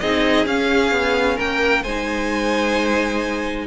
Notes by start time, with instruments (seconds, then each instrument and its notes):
0.00 cello C4, viola D#4, violin G#4 D#5
0.46 cello C#4, viola C#4, violin F5
0.91 cello B3
1.36 cello A#3, violin A#4 G5
1.83 cello G#3, viola D#4, violin C5 G#5